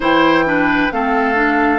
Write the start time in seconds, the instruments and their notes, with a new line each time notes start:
0.00 bassoon E3, clarinet E4, oboe C5, flute G5
0.45 clarinet D4, oboe B4
0.91 bassoon A3, clarinet C4, oboe A4, flute F5
1.34 clarinet D4